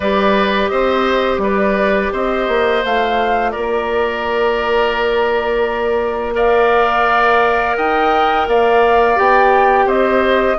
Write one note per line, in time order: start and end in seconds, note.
0.00 0.70 G3
0.00 2.83 G4
0.00 0.70 B4
0.00 0.68 D5
0.68 1.38 C4
0.68 1.41 C5
0.68 1.38 D#5
1.38 2.08 G3
1.38 2.12 B4
1.38 2.12 D5
2.12 2.48 C4
2.12 3.51 C5
2.12 2.84 D#5
2.48 2.83 A#3
2.83 3.54 A3
2.83 6.33 F4
2.83 3.50 F5
3.50 7.77 A#3
3.50 6.34 A#4
3.50 6.33 D5
6.33 9.15 A#4
6.33 7.76 D5
6.33 7.76 F5
7.76 8.47 D#4
7.76 8.47 D#5
7.76 8.47 G5
8.47 9.18 A#3
8.47 9.86 D5
8.47 9.18 F5
9.15 9.85 B3
9.15 10.56 G4
9.15 9.89 G5
9.85 10.56 C4
9.85 10.56 C5
9.85 10.58 D#5